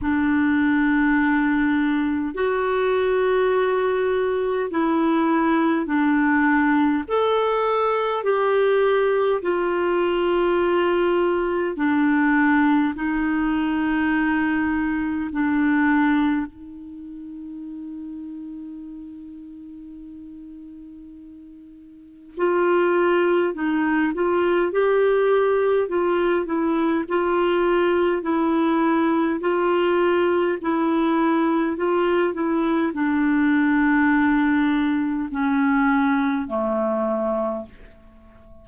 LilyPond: \new Staff \with { instrumentName = "clarinet" } { \time 4/4 \tempo 4 = 51 d'2 fis'2 | e'4 d'4 a'4 g'4 | f'2 d'4 dis'4~ | dis'4 d'4 dis'2~ |
dis'2. f'4 | dis'8 f'8 g'4 f'8 e'8 f'4 | e'4 f'4 e'4 f'8 e'8 | d'2 cis'4 a4 | }